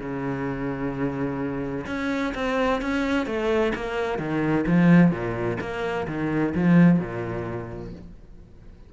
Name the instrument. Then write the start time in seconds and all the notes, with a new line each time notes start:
cello
0.00 C#3
1.87 C#4
2.35 C4
2.82 C#4
3.26 A3
3.75 A#3
4.19 D#3
4.67 F3
5.11 A#2
5.61 A#3
6.08 D#3
6.55 F3
7.00 A#2